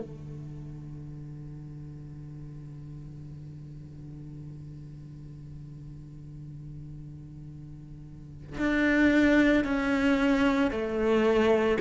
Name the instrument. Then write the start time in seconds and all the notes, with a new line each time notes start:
cello
0.00 D3
8.57 D4
9.64 C#4
10.70 A3